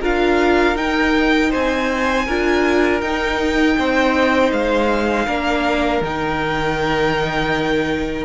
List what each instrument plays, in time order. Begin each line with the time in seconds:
0.00 cello D4, viola F4, violin A#4 F5
0.75 viola D#4, cello D#4, violin G5
1.50 cello C4, violin C5 G#5
2.25 cello D4, viola F4, violin A#4
3.01 cello D#4, viola D#4, violin G5
3.78 cello C4, violin C5
4.52 cello G#3, violin F5
5.26 cello A#3, viola D4, violin A#4
6.01 cello D#3, viola D#4, violin G5